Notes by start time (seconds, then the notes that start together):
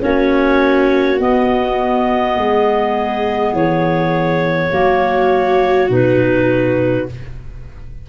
0.00 A#3 C#4 F#4 C#5
1.18 B3 D#5
2.37 G#3 G#4
3.52 E3 C#5
4.71 F#3 A#3 F#4
5.89 B2 D#4 B4